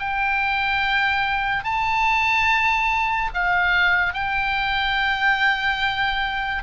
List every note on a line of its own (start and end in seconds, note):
0.00 1.64 G5
1.64 3.31 A5
3.34 4.14 F5
4.14 6.63 G5